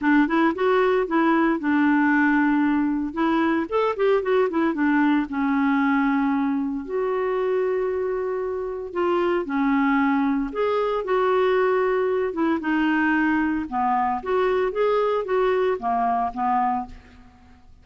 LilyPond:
\new Staff \with { instrumentName = "clarinet" } { \time 4/4 \tempo 4 = 114 d'8 e'8 fis'4 e'4 d'4~ | d'2 e'4 a'8 g'8 | fis'8 e'8 d'4 cis'2~ | cis'4 fis'2.~ |
fis'4 f'4 cis'2 | gis'4 fis'2~ fis'8 e'8 | dis'2 b4 fis'4 | gis'4 fis'4 ais4 b4 | }